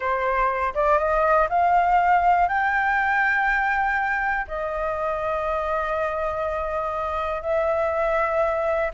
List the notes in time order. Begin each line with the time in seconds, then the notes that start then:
0.00 C5
0.74 D5
0.98 D#5
1.49 F5
2.48 G5
4.47 D#5
7.42 E5